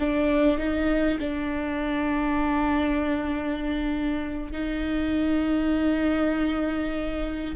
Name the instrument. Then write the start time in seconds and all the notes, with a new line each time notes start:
viola
0.00 D4
0.58 D#4
1.20 D4
4.53 D#4